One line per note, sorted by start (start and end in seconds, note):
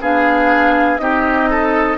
0.00 0.99 B3
0.00 0.99 D4
0.00 1.01 G#4
0.00 0.98 F5
0.98 1.97 C4
0.98 1.97 D#4
0.98 1.49 G4
0.98 1.97 D#5
1.49 1.97 A4